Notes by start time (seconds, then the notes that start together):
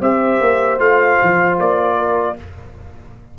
0.00 C4 G4 C5 E5
0.40 A#3
0.78 A3 F4 F5
1.22 F3
1.58 A#3 D5
1.97 A#4